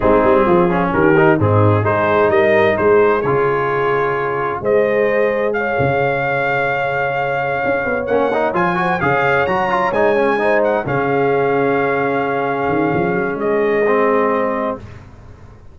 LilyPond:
<<
  \new Staff \with { instrumentName = "trumpet" } { \time 4/4 \tempo 4 = 130 gis'2 ais'4 gis'4 | c''4 dis''4 c''4 cis''4~ | cis''2 dis''2 | f''1~ |
f''4. fis''4 gis''4 f''8~ | f''8 ais''4 gis''4. fis''8 f''8~ | f''1~ | f''4 dis''2. | }
  \new Staff \with { instrumentName = "horn" } { \time 4/4 dis'4 f'4 g'4 dis'4 | gis'4 ais'4 gis'2~ | gis'2 c''2 | cis''1~ |
cis''2. c''8 cis''8~ | cis''2~ cis''8 c''4 gis'8~ | gis'1~ | gis'1 | }
  \new Staff \with { instrumentName = "trombone" } { \time 4/4 c'4. cis'4 dis'8 c'4 | dis'2. f'4~ | f'2 gis'2~ | gis'1~ |
gis'4. cis'8 dis'8 f'8 fis'8 gis'8~ | gis'8 fis'8 f'8 dis'8 cis'8 dis'4 cis'8~ | cis'1~ | cis'2 c'2 | }
  \new Staff \with { instrumentName = "tuba" } { \time 4/4 gis8 g8 f4 dis4 gis,4 | gis4 g4 gis4 cis4~ | cis2 gis2~ | gis8 cis2.~ cis8~ |
cis8 cis'8 b8 ais4 f4 cis8~ | cis8 fis4 gis2 cis8~ | cis2.~ cis8 dis8 | f8 fis8 gis2. | }
>>